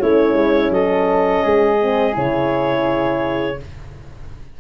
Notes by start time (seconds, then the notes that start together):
0.00 A3 C#4 E4 C#5
0.34 G#3
0.70 F#3 A4 D#5
1.44 G#3 G#4
1.81 C4
2.13 C#3 E4 C#5